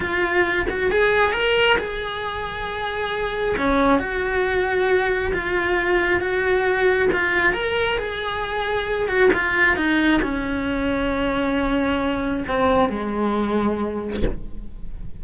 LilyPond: \new Staff \with { instrumentName = "cello" } { \time 4/4 \tempo 4 = 135 f'4. fis'8 gis'4 ais'4 | gis'1 | cis'4 fis'2. | f'2 fis'2 |
f'4 ais'4 gis'2~ | gis'8 fis'8 f'4 dis'4 cis'4~ | cis'1 | c'4 gis2. | }